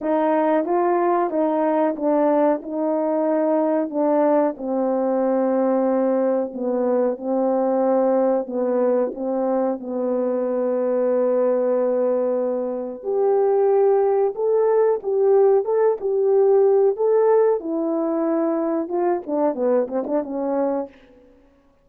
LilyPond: \new Staff \with { instrumentName = "horn" } { \time 4/4 \tempo 4 = 92 dis'4 f'4 dis'4 d'4 | dis'2 d'4 c'4~ | c'2 b4 c'4~ | c'4 b4 c'4 b4~ |
b1 | g'2 a'4 g'4 | a'8 g'4. a'4 e'4~ | e'4 f'8 d'8 b8 c'16 d'16 cis'4 | }